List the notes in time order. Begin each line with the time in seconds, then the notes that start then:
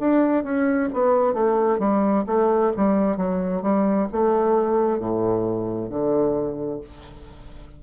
0.00 D4
0.44 C#4
0.93 B3
1.34 A3
1.79 G3
2.27 A3
2.77 G3
3.17 F#3
3.62 G3
4.12 A3
5.00 A2
5.90 D3